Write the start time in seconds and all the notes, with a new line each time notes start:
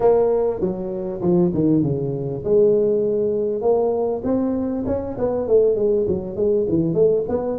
0.00 A#3
0.60 F#3
1.21 F3
1.53 D#3
1.83 C#3
2.44 G#3
3.61 A#3
4.24 C4
4.86 C#4
5.18 B3
5.47 A3
5.75 G#3
6.07 F#3
6.36 G#3
6.69 E3
6.93 A3
7.28 B3